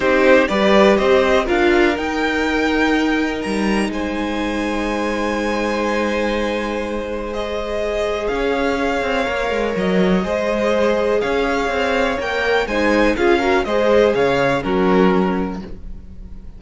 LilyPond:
<<
  \new Staff \with { instrumentName = "violin" } { \time 4/4 \tempo 4 = 123 c''4 d''4 dis''4 f''4 | g''2. ais''4 | gis''1~ | gis''2. dis''4~ |
dis''4 f''2. | dis''2. f''4~ | f''4 g''4 gis''4 f''4 | dis''4 f''4 ais'2 | }
  \new Staff \with { instrumentName = "violin" } { \time 4/4 g'4 b'4 c''4 ais'4~ | ais'1 | c''1~ | c''1~ |
c''4 cis''2.~ | cis''4 c''2 cis''4~ | cis''2 c''4 gis'8 ais'8 | c''4 cis''4 fis'2 | }
  \new Staff \with { instrumentName = "viola" } { \time 4/4 dis'4 g'2 f'4 | dis'1~ | dis'1~ | dis'2. gis'4~ |
gis'2. ais'4~ | ais'4 gis'2.~ | gis'4 ais'4 dis'4 f'8 fis'8 | gis'2 cis'2 | }
  \new Staff \with { instrumentName = "cello" } { \time 4/4 c'4 g4 c'4 d'4 | dis'2. g4 | gis1~ | gis1~ |
gis4 cis'4. c'8 ais8 gis8 | fis4 gis2 cis'4 | c'4 ais4 gis4 cis'4 | gis4 cis4 fis2 | }
>>